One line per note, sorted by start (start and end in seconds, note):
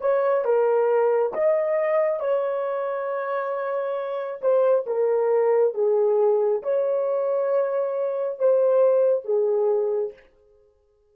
0.00 0.44 C#5
0.45 1.33 A#4
1.33 2.20 D#5
2.20 4.40 C#5
4.41 4.85 C5
4.86 5.74 A#4
5.74 6.62 G#4
6.62 8.39 C#5
8.39 9.24 C5
9.24 10.13 G#4